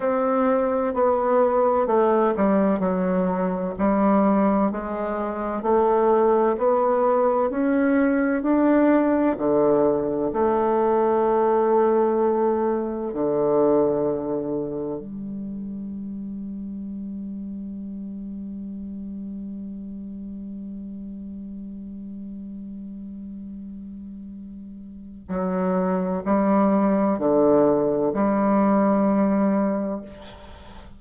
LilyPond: \new Staff \with { instrumentName = "bassoon" } { \time 4/4 \tempo 4 = 64 c'4 b4 a8 g8 fis4 | g4 gis4 a4 b4 | cis'4 d'4 d4 a4~ | a2 d2 |
g1~ | g1~ | g2. fis4 | g4 d4 g2 | }